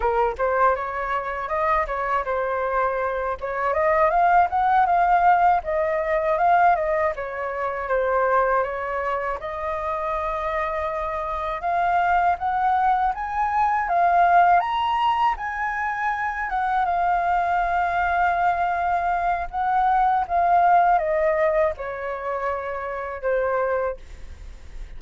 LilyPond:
\new Staff \with { instrumentName = "flute" } { \time 4/4 \tempo 4 = 80 ais'8 c''8 cis''4 dis''8 cis''8 c''4~ | c''8 cis''8 dis''8 f''8 fis''8 f''4 dis''8~ | dis''8 f''8 dis''8 cis''4 c''4 cis''8~ | cis''8 dis''2. f''8~ |
f''8 fis''4 gis''4 f''4 ais''8~ | ais''8 gis''4. fis''8 f''4.~ | f''2 fis''4 f''4 | dis''4 cis''2 c''4 | }